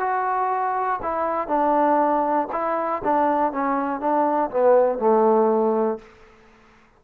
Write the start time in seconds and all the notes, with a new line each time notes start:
0.00 F#4
1.02 E4
1.48 D4
2.52 E4
3.05 D4
3.52 C#4
4.00 D4
4.51 B3
4.99 A3